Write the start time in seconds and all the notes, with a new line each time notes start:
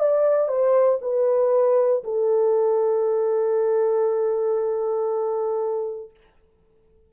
0.00 D5
0.49 C5
1.02 B4
2.04 A4